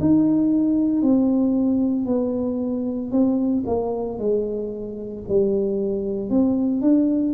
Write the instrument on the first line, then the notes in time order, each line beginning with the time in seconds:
tuba
0.00 D#4
1.02 C4
2.06 B3
3.11 C4
3.66 A#3
4.18 G#3
5.28 G3
6.29 C4
6.81 D4